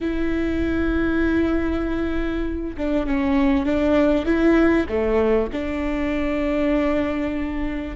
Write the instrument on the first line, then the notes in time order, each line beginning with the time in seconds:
viola
0.00 E4
2.77 D4
3.06 C#4
3.65 D4
4.25 E4
4.88 A3
5.52 D4